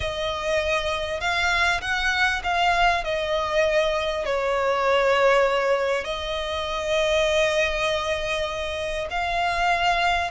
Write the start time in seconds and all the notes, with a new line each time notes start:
0.00 D#5
1.20 F5
1.81 F#5
2.43 F5
3.04 D#5
4.25 C#5
6.04 D#5
9.10 F5